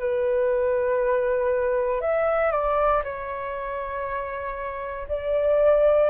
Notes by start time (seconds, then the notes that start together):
0.00 B4
2.01 E5
2.52 D5
3.04 C#5
5.08 D5